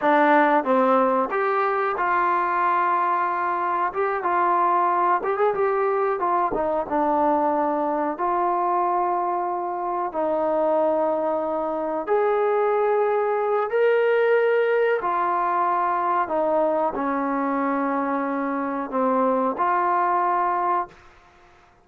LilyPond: \new Staff \with { instrumentName = "trombone" } { \time 4/4 \tempo 4 = 92 d'4 c'4 g'4 f'4~ | f'2 g'8 f'4. | g'16 gis'16 g'4 f'8 dis'8 d'4.~ | d'8 f'2. dis'8~ |
dis'2~ dis'8 gis'4.~ | gis'4 ais'2 f'4~ | f'4 dis'4 cis'2~ | cis'4 c'4 f'2 | }